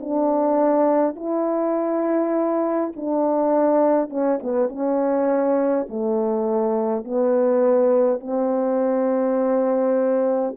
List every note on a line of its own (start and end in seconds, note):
0.00 1.16 D4
1.16 2.92 E4
2.96 4.09 D4
4.09 4.39 C#4
4.42 4.69 B3
4.69 5.87 C#4
5.89 7.04 A3
7.04 8.20 B3
8.20 10.55 C4